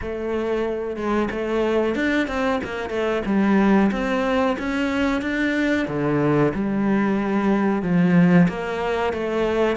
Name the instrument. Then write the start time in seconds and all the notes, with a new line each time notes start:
cello
0.01 A3
0.96 G#3
1.30 A3
1.95 D4
2.27 C4
2.64 A#3
2.89 A3
3.25 G3
3.91 C4
4.59 C#4
5.21 D4
5.87 D3
6.54 G3
7.82 F3
8.48 A#3
9.13 A3